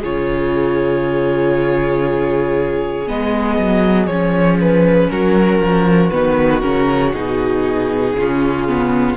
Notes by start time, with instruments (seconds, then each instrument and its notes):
0.00 cello C#3, viola F4, violin G#4 C#5
3.06 cello G#3, viola B3, violin D#5
3.58 cello F#3
4.06 cello F3, viola C#4, violin C#5
4.60 violin B4
5.10 cello F#3, violin F#4 A#4
5.59 cello F3
6.10 cello D#3, viola B3, violin B4
6.60 cello C#3, viola C#4, violin A#4
7.13 cello B2, viola D#4, violin G#4
8.13 cello C#3, viola C#4, violin F4
8.68 viola B3